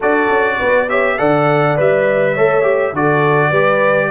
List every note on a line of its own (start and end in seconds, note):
0.00 0.29 D4
0.00 0.88 F#4
0.00 0.56 A4
0.00 0.89 D5
0.29 0.58 C#4
0.58 1.19 B3
0.58 0.88 B4
0.88 1.18 G4
0.88 1.18 C#5
0.88 1.18 E5
1.18 1.78 D3
1.18 1.77 A4
1.18 2.33 D5
1.18 1.77 F#5
1.77 2.37 G3
1.77 2.35 B4
1.77 2.95 E5
2.33 2.92 A3
2.33 2.62 A4
2.33 2.92 C#5
2.62 2.91 G4
2.92 3.51 D3
2.92 3.53 F#4
2.92 3.50 A4
2.92 4.10 D5
3.50 4.10 G3
3.50 4.10 G4
3.50 4.09 B4